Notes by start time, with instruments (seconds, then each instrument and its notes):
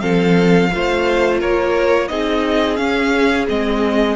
0.00 cello F3, viola C4, violin A4 F5
0.72 cello A3, viola F4, violin C5
1.40 cello A#3, violin A#4 C#5
2.08 cello C4, viola D#4, violin G#4 D#5
2.76 viola C#4, cello C#4, violin F5
3.48 cello G#3, viola C4, violin D#5